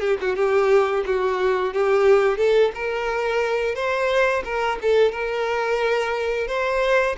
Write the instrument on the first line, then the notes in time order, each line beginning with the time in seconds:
violin
0.00 G4
0.20 F#4
0.35 G4
1.05 F#4
1.73 G4
2.37 A4
2.74 A#4
3.75 C5
4.44 A#4
4.82 A4
5.11 A#4
6.47 C5